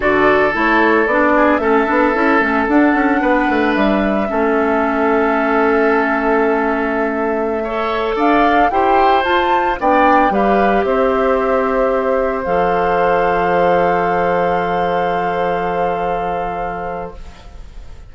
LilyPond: <<
  \new Staff \with { instrumentName = "flute" } { \time 4/4 \tempo 4 = 112 d''4 cis''4 d''4 e''4~ | e''4 fis''2 e''4~ | e''1~ | e''2.~ e''16 f''8.~ |
f''16 g''4 a''4 g''4 f''8.~ | f''16 e''2. f''8.~ | f''1~ | f''1 | }
  \new Staff \with { instrumentName = "oboe" } { \time 4/4 a'2~ a'8 gis'8 a'4~ | a'2 b'2 | a'1~ | a'2~ a'16 cis''4 d''8.~ |
d''16 c''2 d''4 b'8.~ | b'16 c''2.~ c''8.~ | c''1~ | c''1 | }
  \new Staff \with { instrumentName = "clarinet" } { \time 4/4 fis'4 e'4 d'4 cis'8 d'8 | e'8 cis'8 d'2. | cis'1~ | cis'2~ cis'16 a'4.~ a'16~ |
a'16 g'4 f'4 d'4 g'8.~ | g'2.~ g'16 a'8.~ | a'1~ | a'1 | }
  \new Staff \with { instrumentName = "bassoon" } { \time 4/4 d4 a4 b4 a8 b8 | cis'8 a8 d'8 cis'8 b8 a8 g4 | a1~ | a2.~ a16 d'8.~ |
d'16 e'4 f'4 b4 g8.~ | g16 c'2. f8.~ | f1~ | f1 | }
>>